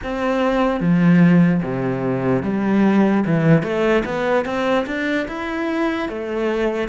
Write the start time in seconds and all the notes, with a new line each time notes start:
0.03 C4
0.80 F3
1.62 C3
2.43 G3
3.26 E3
3.62 A3
4.04 B3
4.45 C4
4.86 D4
5.28 E4
6.08 A3